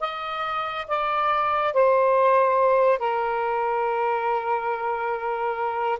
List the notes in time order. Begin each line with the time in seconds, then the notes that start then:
0.00 D#5
0.87 D5
1.73 C5
2.98 A#4